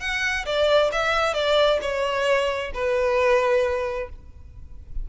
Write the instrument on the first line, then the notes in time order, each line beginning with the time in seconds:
violin
0.00 F#5
0.46 D5
0.92 E5
1.34 D5
1.81 C#5
2.74 B4